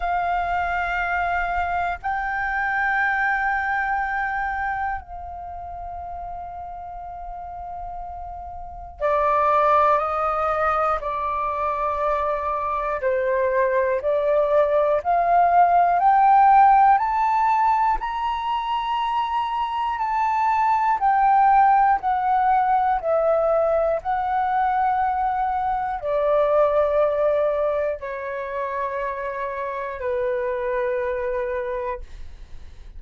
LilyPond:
\new Staff \with { instrumentName = "flute" } { \time 4/4 \tempo 4 = 60 f''2 g''2~ | g''4 f''2.~ | f''4 d''4 dis''4 d''4~ | d''4 c''4 d''4 f''4 |
g''4 a''4 ais''2 | a''4 g''4 fis''4 e''4 | fis''2 d''2 | cis''2 b'2 | }